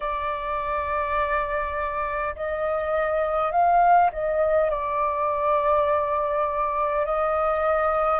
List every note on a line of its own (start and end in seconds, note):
0.00 2.35 D5
2.35 3.51 D#5
3.51 4.10 F5
4.12 4.70 D#5
4.70 7.05 D5
7.05 8.20 D#5